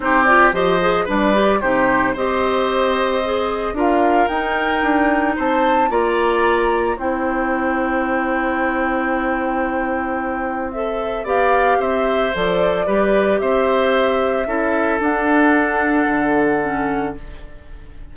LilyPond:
<<
  \new Staff \with { instrumentName = "flute" } { \time 4/4 \tempo 4 = 112 c''8 d''8 dis''4 d''4 c''4 | dis''2. f''4 | g''2 a''4 ais''4~ | ais''4 g''2.~ |
g''1 | e''4 f''4 e''4 d''4~ | d''4 e''2. | fis''1 | }
  \new Staff \with { instrumentName = "oboe" } { \time 4/4 g'4 c''4 b'4 g'4 | c''2. ais'4~ | ais'2 c''4 d''4~ | d''4 c''2.~ |
c''1~ | c''4 d''4 c''2 | b'4 c''2 a'4~ | a'1 | }
  \new Staff \with { instrumentName = "clarinet" } { \time 4/4 dis'8 f'8 g'8 gis'8 d'8 g'8 dis'4 | g'2 gis'4 f'4 | dis'2. f'4~ | f'4 e'2.~ |
e'1 | a'4 g'2 a'4 | g'2. e'4 | d'2. cis'4 | }
  \new Staff \with { instrumentName = "bassoon" } { \time 4/4 c'4 f4 g4 c4 | c'2. d'4 | dis'4 d'4 c'4 ais4~ | ais4 c'2.~ |
c'1~ | c'4 b4 c'4 f4 | g4 c'2 cis'4 | d'2 d2 | }
>>